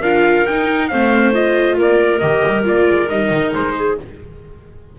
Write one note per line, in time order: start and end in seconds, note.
0.00 0.46 D4
0.00 0.47 F4
0.00 0.88 A#4
0.00 0.46 F5
0.46 0.92 D#4
0.46 0.91 D#4
0.46 0.88 G5
0.88 1.78 A3
0.88 1.33 C4
0.88 1.77 C5
0.88 1.32 F5
1.33 2.20 F4
1.33 1.78 D#5
1.77 2.22 A#3
1.77 3.74 A#4
1.77 2.19 D5
2.19 2.44 D#3
2.19 2.64 G4
2.19 2.63 D#5
2.47 2.67 G3
2.64 2.89 A#3
2.64 3.08 F4
2.64 3.09 D5
2.89 3.10 G#3
3.09 3.30 G3
3.09 3.98 D#4
3.09 3.53 D#5
3.30 3.51 D#3
3.55 3.99 G#3
3.55 3.99 C5
3.76 3.98 G#4